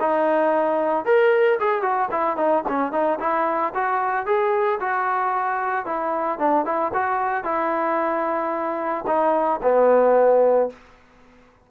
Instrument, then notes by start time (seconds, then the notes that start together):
trombone
0.00 D#4
1.05 A#4
1.59 G#4
1.82 F#4
2.11 E4
2.37 D#4
2.69 C#4
2.92 D#4
3.20 E4
3.75 F#4
4.26 G#4
4.80 F#4
5.86 E4
6.39 D4
6.65 E4
6.94 F#4
7.44 E4
9.07 D#4
9.63 B3